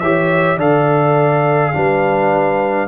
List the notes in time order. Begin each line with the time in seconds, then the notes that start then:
0.00 E3 G4 C#5 E5
0.57 D3 A4 D5 F5
1.74 G3 D4 B4